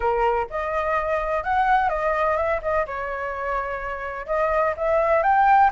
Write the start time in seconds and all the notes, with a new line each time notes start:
0.00 A#4
0.49 D#5
1.43 F#5
1.89 D#5
2.36 E5
2.62 D#5
2.86 C#5
4.26 D#5
4.76 E5
5.23 G5